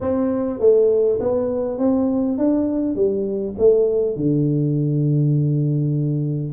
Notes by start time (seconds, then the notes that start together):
0.01 C4
0.59 A3
1.20 B3
1.78 C4
2.38 D4
2.95 G3
3.58 A3
4.16 D3